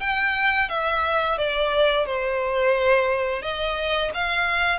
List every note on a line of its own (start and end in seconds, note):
0.00 0.69 G5
0.69 1.38 E5
1.38 2.06 D5
2.06 3.42 C5
3.42 4.11 D#5
4.14 4.79 F5